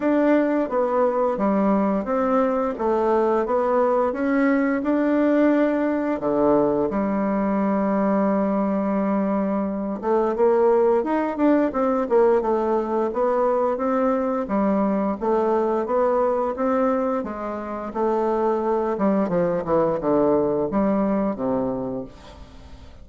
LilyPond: \new Staff \with { instrumentName = "bassoon" } { \time 4/4 \tempo 4 = 87 d'4 b4 g4 c'4 | a4 b4 cis'4 d'4~ | d'4 d4 g2~ | g2~ g8 a8 ais4 |
dis'8 d'8 c'8 ais8 a4 b4 | c'4 g4 a4 b4 | c'4 gis4 a4. g8 | f8 e8 d4 g4 c4 | }